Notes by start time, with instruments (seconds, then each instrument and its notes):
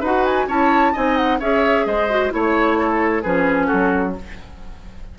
0.00 bassoon D#4, clarinet F#4, oboe B4, flute F#5
0.25 flute G#5
0.48 bassoon C#4, clarinet E4, oboe C#5, flute A5
0.93 bassoon C4, clarinet D#4, oboe D#5, flute G#5
1.17 flute F#5
1.39 bassoon C#4, clarinet G#4, oboe C#5, flute E5
1.86 bassoon G#3, oboe C5, flute D#5
2.10 clarinet F#4
2.31 bassoon A3, clarinet E4, oboe C#5, flute C#5
2.79 oboe A4
3.22 bassoon F3, clarinet C#4, oboe G#4, flute B4
3.67 oboe F#4, flute A4
3.73 bassoon F#3